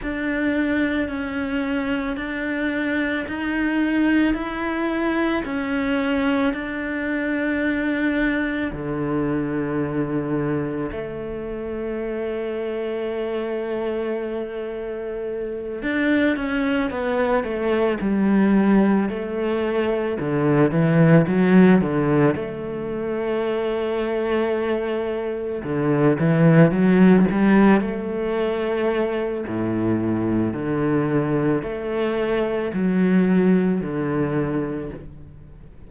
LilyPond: \new Staff \with { instrumentName = "cello" } { \time 4/4 \tempo 4 = 55 d'4 cis'4 d'4 dis'4 | e'4 cis'4 d'2 | d2 a2~ | a2~ a8 d'8 cis'8 b8 |
a8 g4 a4 d8 e8 fis8 | d8 a2. d8 | e8 fis8 g8 a4. a,4 | d4 a4 fis4 d4 | }